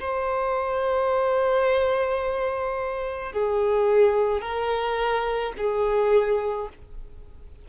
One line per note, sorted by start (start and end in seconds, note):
0.00 3.33 C5
3.33 4.41 G#4
4.41 5.53 A#4
5.58 6.69 G#4